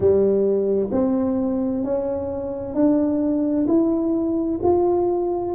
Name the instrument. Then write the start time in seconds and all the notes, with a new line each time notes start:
tuba
0.00 G3
0.91 C4
1.84 C#4
2.74 D4
3.67 E4
4.62 F4